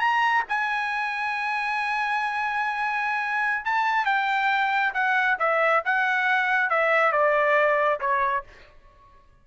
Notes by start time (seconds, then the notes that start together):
0.00 A#5
0.49 G#5
3.65 A5
4.06 G5
4.94 F#5
5.39 E5
5.85 F#5
6.70 E5
7.12 D5
8.00 C#5